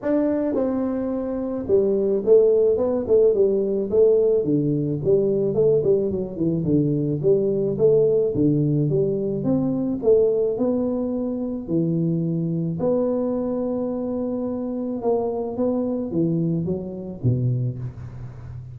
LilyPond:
\new Staff \with { instrumentName = "tuba" } { \time 4/4 \tempo 4 = 108 d'4 c'2 g4 | a4 b8 a8 g4 a4 | d4 g4 a8 g8 fis8 e8 | d4 g4 a4 d4 |
g4 c'4 a4 b4~ | b4 e2 b4~ | b2. ais4 | b4 e4 fis4 b,4 | }